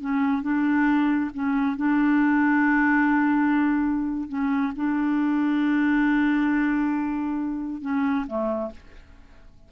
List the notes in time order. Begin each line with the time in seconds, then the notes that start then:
0.00 C#4
0.42 D4
1.33 C#4
1.76 D4
4.28 C#4
4.75 D4
7.81 C#4
8.27 A3